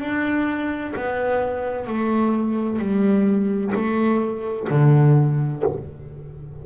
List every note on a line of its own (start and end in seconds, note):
0.00 0.94 D4
0.96 1.87 B3
1.87 2.79 A3
2.79 3.73 G3
3.75 4.68 A3
4.70 5.63 D3